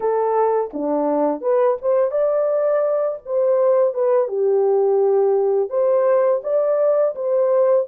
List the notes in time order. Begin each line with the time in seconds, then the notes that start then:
0.00 A4
0.73 D4
1.41 B4
1.81 C5
2.11 D5
3.25 C5
3.94 B4
4.28 G4
5.69 C5
6.43 D5
7.15 C5